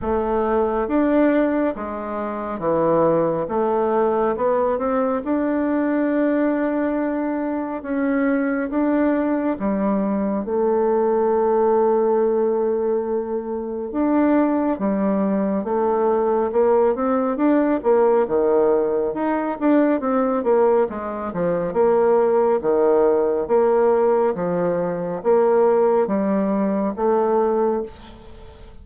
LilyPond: \new Staff \with { instrumentName = "bassoon" } { \time 4/4 \tempo 4 = 69 a4 d'4 gis4 e4 | a4 b8 c'8 d'2~ | d'4 cis'4 d'4 g4 | a1 |
d'4 g4 a4 ais8 c'8 | d'8 ais8 dis4 dis'8 d'8 c'8 ais8 | gis8 f8 ais4 dis4 ais4 | f4 ais4 g4 a4 | }